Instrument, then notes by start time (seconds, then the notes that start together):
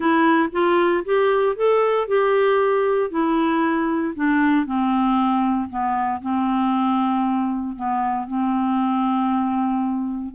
clarinet
0.00 E4
0.52 F4
1.04 G4
1.56 A4
2.07 G4
3.10 E4
4.15 D4
4.66 C4
5.69 B3
6.21 C4
7.76 B3
8.27 C4